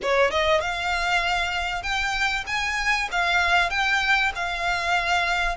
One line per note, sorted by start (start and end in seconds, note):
0.02 0.30 C#5
0.30 0.60 D#5
0.60 1.82 F5
1.82 2.44 G5
2.47 3.08 G#5
3.11 3.70 F5
3.70 4.32 G5
4.35 5.56 F5